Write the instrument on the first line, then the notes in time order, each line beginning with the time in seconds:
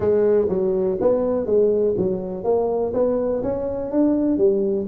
tuba
0.00 G#3
0.48 F#3
1.00 B3
1.46 G#3
1.97 F#3
2.44 A#3
2.93 B3
3.43 C#4
3.91 D4
4.37 G3